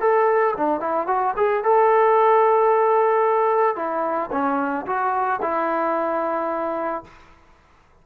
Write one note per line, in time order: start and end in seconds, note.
0.00 0.54 A4
0.57 0.80 D4
0.80 1.07 E4
1.07 1.34 F#4
1.36 1.63 G#4
1.63 3.76 A4
3.76 4.30 E4
4.31 4.86 C#4
4.86 5.40 F#4
5.41 7.03 E4